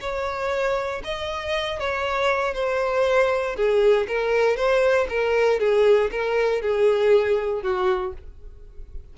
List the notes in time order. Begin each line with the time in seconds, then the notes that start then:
0.00 C#5
1.04 D#5
1.79 C#5
2.54 C5
3.56 G#4
4.07 A#4
4.56 C5
5.09 A#4
5.59 G#4
6.11 A#4
6.61 G#4
7.62 F#4